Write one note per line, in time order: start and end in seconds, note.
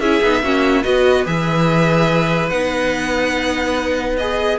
0.00 0.21 C#4
0.00 0.23 E4
0.00 0.42 G#4
0.00 0.83 E5
0.23 0.43 B3
0.23 0.43 D#4
0.43 0.85 A#3
0.43 0.83 C#4
0.43 0.84 F#4
0.83 1.27 B3
0.83 1.25 F#4
0.83 4.59 B4
0.83 1.25 D#5
1.25 2.51 E3
1.25 2.50 G#4
1.25 2.50 E5
2.50 4.59 B3
2.50 4.18 D#4
2.50 4.16 F#5
4.17 4.59 G#4
4.17 4.59 D#5